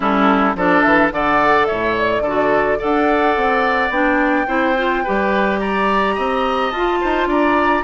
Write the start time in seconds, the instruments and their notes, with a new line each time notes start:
0.00 bassoon G3, clarinet C#4, oboe E4, flute A4
0.55 bassoon F3, clarinet D4, oboe A4, flute D5
0.82 bassoon E3, flute E5
1.11 bassoon D3, clarinet A4, oboe D5, flute F#5
1.66 bassoon A2, oboe C#5, flute E5
1.97 flute D5
2.21 bassoon D3, oboe A4
2.27 clarinet F#4
2.78 bassoon D4, clarinet A4, oboe D5, flute F#5
3.36 bassoon C4
3.89 bassoon B3, clarinet D4, flute G5
4.46 bassoon C4, clarinet E4, oboe C5
4.77 clarinet F4
5.03 bassoon G3, clarinet G4, oboe B4
5.59 oboe D5, flute A#5
6.14 bassoon C4, oboe D#5
6.71 bassoon F4, clarinet F4, flute A5
7.00 bassoon D#4, oboe C5
7.26 bassoon D4, oboe D5, flute A#5